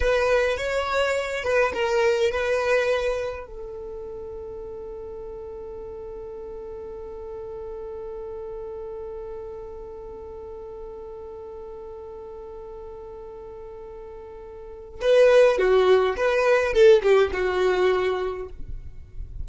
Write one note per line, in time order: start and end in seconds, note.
0.00 0.57 B4
0.57 1.43 C#5
1.43 1.72 B4
1.73 2.31 A#4
2.31 3.46 B4
3.46 15.00 A4
15.01 15.58 B4
15.58 16.16 F#4
16.16 16.73 B4
16.73 17.02 A4
17.02 17.31 G4
17.33 18.48 F#4